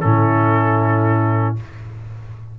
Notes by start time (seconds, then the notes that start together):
0.00 A2 C#4 E4 A4